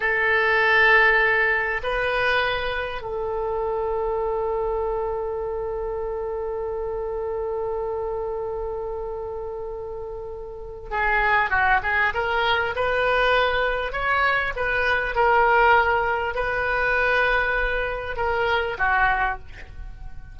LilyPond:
\new Staff \with { instrumentName = "oboe" } { \time 4/4 \tempo 4 = 99 a'2. b'4~ | b'4 a'2.~ | a'1~ | a'1~ |
a'2 gis'4 fis'8 gis'8 | ais'4 b'2 cis''4 | b'4 ais'2 b'4~ | b'2 ais'4 fis'4 | }